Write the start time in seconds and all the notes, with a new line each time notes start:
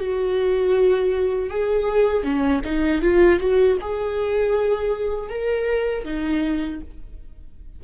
0.00 F#4
1.50 G#4
2.24 C#4
2.65 D#4
3.02 F4
3.40 F#4
3.81 G#4
5.30 A#4
6.05 D#4